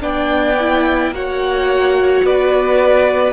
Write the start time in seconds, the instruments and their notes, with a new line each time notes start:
0.00 cello B3, viola D4, violin D5 G5
0.60 viola E4
1.11 cello A#3, viola F#4, violin C#5 F#5
2.23 cello B3, violin B4 D5